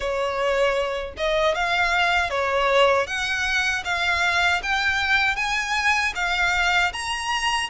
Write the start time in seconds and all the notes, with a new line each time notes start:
0.00 C#5
1.17 D#5
1.54 F5
2.30 C#5
3.06 F#5
3.84 F5
4.63 G5
5.36 G#5
6.15 F5
6.92 A#5